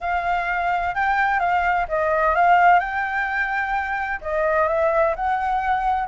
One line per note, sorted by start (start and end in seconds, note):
0.00 0.94 F5
0.94 1.39 G5
1.39 1.86 F5
1.88 2.35 D#5
2.35 2.79 F5
2.79 4.20 G5
4.21 4.67 D#5
4.67 5.14 E5
5.15 6.07 F#5